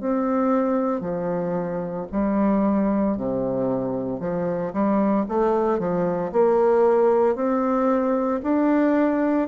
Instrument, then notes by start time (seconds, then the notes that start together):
bassoon
0.00 C4
1.00 F3
2.11 G3
3.17 C3
4.19 F3
4.73 G3
5.28 A3
5.78 F3
6.32 A#3
7.35 C4
8.43 D4